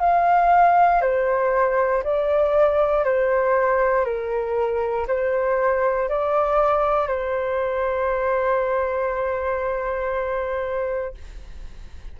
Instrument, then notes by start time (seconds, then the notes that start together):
flute
0.00 F5
1.01 C5
2.03 D5
3.05 C5
4.05 A#4
5.08 C5
6.09 D5
7.08 C5